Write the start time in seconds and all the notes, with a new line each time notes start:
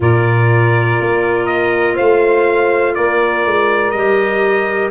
0.00 A#2 F4 A#4 D5
1.00 A#3
1.45 D#5
1.94 A3 C5 F5
2.94 A#3 A#4 D5
3.45 G#3
3.90 G3 G4 D#5